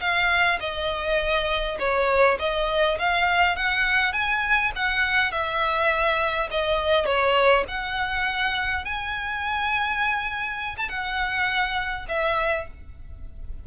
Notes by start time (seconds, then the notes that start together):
0.00 F5
0.60 D#5
1.79 C#5
2.39 D#5
2.99 F5
3.56 F#5
4.13 G#5
4.75 F#5
5.31 E5
6.51 D#5
7.06 C#5
7.68 F#5
8.84 G#5
10.77 A5
10.89 F#5
12.08 E5